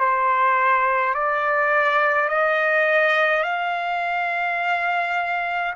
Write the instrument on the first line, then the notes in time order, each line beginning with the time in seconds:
trumpet
0.00 C5
1.14 D5
2.29 D#5
3.43 F5